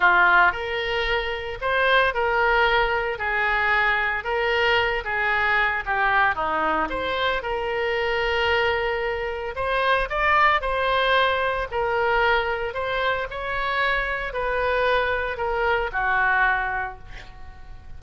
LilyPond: \new Staff \with { instrumentName = "oboe" } { \time 4/4 \tempo 4 = 113 f'4 ais'2 c''4 | ais'2 gis'2 | ais'4. gis'4. g'4 | dis'4 c''4 ais'2~ |
ais'2 c''4 d''4 | c''2 ais'2 | c''4 cis''2 b'4~ | b'4 ais'4 fis'2 | }